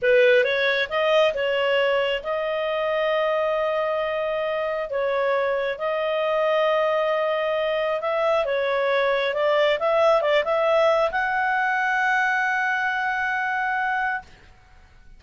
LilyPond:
\new Staff \with { instrumentName = "clarinet" } { \time 4/4 \tempo 4 = 135 b'4 cis''4 dis''4 cis''4~ | cis''4 dis''2.~ | dis''2. cis''4~ | cis''4 dis''2.~ |
dis''2 e''4 cis''4~ | cis''4 d''4 e''4 d''8 e''8~ | e''4 fis''2.~ | fis''1 | }